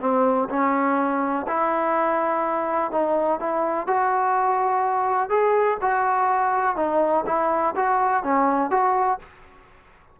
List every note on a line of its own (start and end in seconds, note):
0.00 0.48 C4
0.49 1.46 C#4
1.47 2.91 E4
2.91 3.39 D#4
3.39 3.87 E4
3.87 5.29 F#4
5.29 5.78 G#4
5.81 6.76 F#4
6.76 7.24 D#4
7.26 7.74 E4
7.76 8.23 F#4
8.23 8.71 C#4
8.71 9.19 F#4